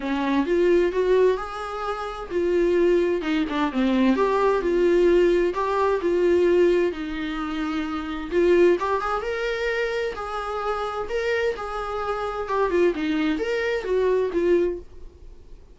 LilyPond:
\new Staff \with { instrumentName = "viola" } { \time 4/4 \tempo 4 = 130 cis'4 f'4 fis'4 gis'4~ | gis'4 f'2 dis'8 d'8 | c'4 g'4 f'2 | g'4 f'2 dis'4~ |
dis'2 f'4 g'8 gis'8 | ais'2 gis'2 | ais'4 gis'2 g'8 f'8 | dis'4 ais'4 fis'4 f'4 | }